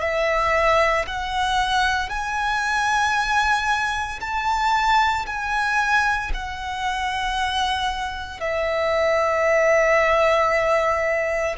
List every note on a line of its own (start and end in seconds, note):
0.00 1.05 E5
1.07 2.09 F#5
2.09 4.20 G#5
4.21 5.26 A5
5.26 6.32 G#5
6.33 8.40 F#5
8.40 11.56 E5